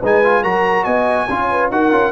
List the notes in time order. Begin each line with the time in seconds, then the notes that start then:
0.00 G#3 D#4 B4 G#5
0.24 F4
0.43 F#3 F#4 A#4 A#5
0.84 B3 D#5 G#5
1.29 C#4 F4 C#5
1.51 B4
1.71 D#4 F#4 A#4 F#5
1.91 C#4 F4